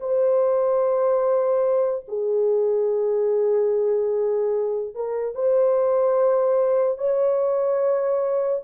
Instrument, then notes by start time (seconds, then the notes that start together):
horn
0.00 C5
2.08 G#4
4.95 A#4
5.35 C5
6.98 C#5